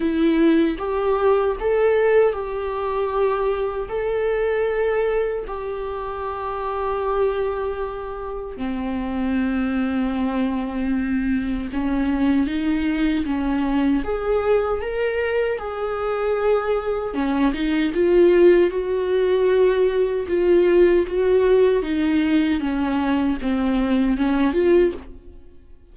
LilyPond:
\new Staff \with { instrumentName = "viola" } { \time 4/4 \tempo 4 = 77 e'4 g'4 a'4 g'4~ | g'4 a'2 g'4~ | g'2. c'4~ | c'2. cis'4 |
dis'4 cis'4 gis'4 ais'4 | gis'2 cis'8 dis'8 f'4 | fis'2 f'4 fis'4 | dis'4 cis'4 c'4 cis'8 f'8 | }